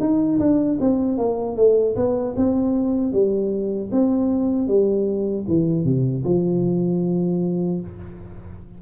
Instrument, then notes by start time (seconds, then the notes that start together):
tuba
0.00 D#4
0.39 D4
0.81 C4
1.18 A#3
1.57 A3
1.96 B3
2.36 C4
3.12 G3
3.91 C4
4.68 G3
5.48 E3
5.84 C3
6.24 F3